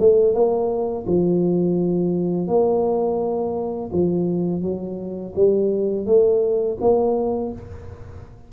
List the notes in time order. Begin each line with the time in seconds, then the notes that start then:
0.00 A3
0.34 A#3
1.07 F3
2.48 A#3
3.93 F3
4.62 F#3
5.35 G3
6.06 A3
6.81 A#3